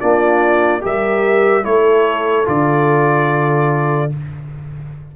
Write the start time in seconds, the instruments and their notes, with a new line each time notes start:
0.00 tuba A#3, trombone D4, horn F4, trumpet D5
0.81 tuba G3, trombone G4, horn A#4, trumpet E5
1.63 tuba A3, trombone E4, trumpet C#5
1.69 horn A4
2.45 tuba D3, trombone F4, trumpet D5